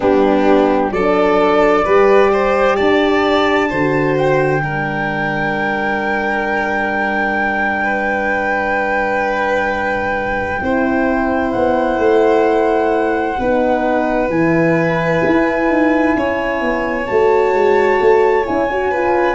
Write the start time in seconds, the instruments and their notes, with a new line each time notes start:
0.00 tuba G3, horn B3, violin D4, flute G4
0.91 tuba F#3, horn D4, violin A4, flute D5
1.84 tuba G3, horn G4, violin B4
2.32 violin C5
2.76 tuba D4, violin D5, flute A5
3.68 tuba D3, horn F#4, violin C5
4.17 flute G5
4.61 tuba G3, horn D4, violin A#4
7.83 violin B4
10.62 tuba C4, horn E4, violin C5
11.52 tuba B3, flute F#5
11.97 tuba A3
13.38 tuba B3, horn D#4, violin B4
14.29 tuba E3, horn E4, flute G#5
15.25 tuba E4
15.68 tuba D#4
16.16 tuba C#4, violin C#5
16.61 tuba B3
17.05 tuba A3, horn F#4, flute A5
17.53 tuba G#3
18.00 tuba A3
18.45 tuba C#4, horn E4, flute G#5
18.71 horn F#4
18.90 horn F4, violin B4